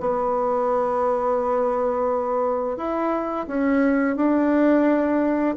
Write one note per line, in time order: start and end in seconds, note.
0.00 2.77 B3
2.77 3.46 E4
3.47 4.16 C#4
4.16 5.55 D4